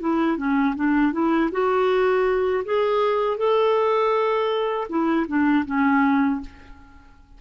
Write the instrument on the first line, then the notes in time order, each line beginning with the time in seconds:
clarinet
0.00 E4
0.38 C#4
0.76 D4
1.12 E4
1.52 F#4
2.65 G#4
3.38 A4
4.89 E4
5.28 D4
5.66 C#4